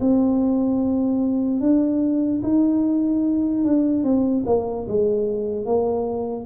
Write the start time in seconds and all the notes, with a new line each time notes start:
0.00 C4
1.60 D4
2.42 D#4
3.64 D4
4.03 C4
4.46 A#3
4.88 G#3
5.65 A#3